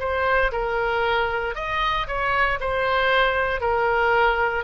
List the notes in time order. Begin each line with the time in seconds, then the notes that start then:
0.00 C5
0.52 A#4
1.55 D#5
2.07 C#5
2.61 C5
3.61 A#4